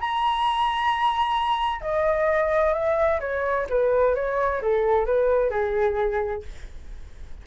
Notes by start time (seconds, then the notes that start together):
0.00 A#5
1.81 D#5
2.73 E5
3.20 C#5
3.69 B4
4.15 C#5
4.62 A4
5.06 B4
5.50 G#4